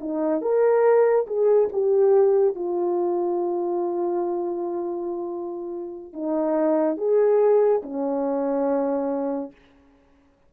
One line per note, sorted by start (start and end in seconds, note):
0.00 0.41 D#4
0.41 1.26 A#4
1.26 1.69 G#4
1.72 2.55 G4
2.55 6.13 F4
6.13 6.97 D#4
6.97 7.81 G#4
7.82 9.51 C#4